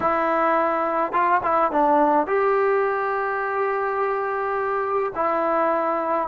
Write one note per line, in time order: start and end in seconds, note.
0.00 1.12 E4
1.12 1.41 F4
1.43 1.71 E4
1.71 2.26 D4
2.26 5.12 G4
5.15 6.28 E4